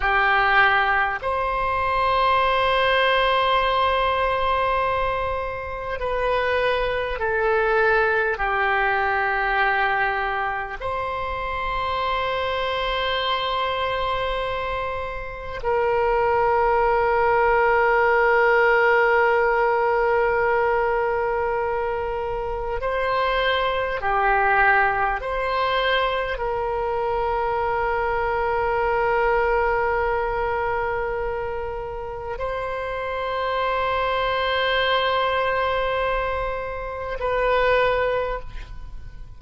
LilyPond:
\new Staff \with { instrumentName = "oboe" } { \time 4/4 \tempo 4 = 50 g'4 c''2.~ | c''4 b'4 a'4 g'4~ | g'4 c''2.~ | c''4 ais'2.~ |
ais'2. c''4 | g'4 c''4 ais'2~ | ais'2. c''4~ | c''2. b'4 | }